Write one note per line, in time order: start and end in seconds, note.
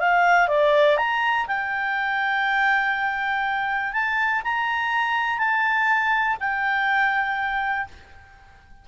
0.00 0.48 F5
0.48 0.97 D5
0.97 1.46 A#5
1.48 3.93 G5
3.93 4.42 A5
4.44 5.39 A#5
5.39 6.37 A5
6.40 7.88 G5